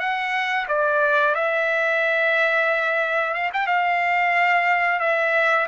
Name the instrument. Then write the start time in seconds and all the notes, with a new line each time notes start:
trumpet
0.00 F#5
0.68 D5
1.35 E5
3.34 F5
3.54 G5
3.67 F5
5.00 E5